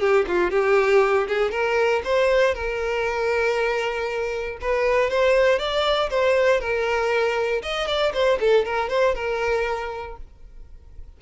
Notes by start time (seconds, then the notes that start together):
0.00 G4
0.28 F4
0.51 G4
1.28 G#4
1.51 A#4
2.04 C5
2.55 A#4
4.62 B4
5.10 C5
5.59 D5
6.10 C5
6.60 A#4
7.62 D#5
7.87 D5
8.14 C5
8.40 A4
8.65 A#4
8.89 C5
9.15 A#4